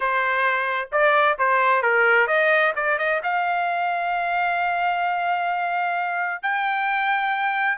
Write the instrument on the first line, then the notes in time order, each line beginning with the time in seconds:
trumpet
0.00 C5
0.92 D5
1.38 C5
1.82 A#4
2.27 D#5
2.75 D5
2.98 D#5
3.23 F5
6.42 G5